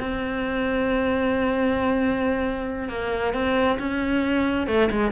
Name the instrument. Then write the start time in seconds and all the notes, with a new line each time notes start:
cello
0.00 C4
2.89 A#3
3.34 C4
3.80 C#4
4.68 A3
4.91 G#3